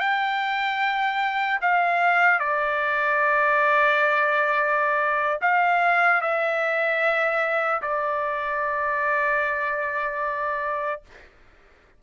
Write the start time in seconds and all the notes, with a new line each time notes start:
0.00 G5
1.61 F5
2.40 D5
5.41 F5
6.21 E5
7.82 D5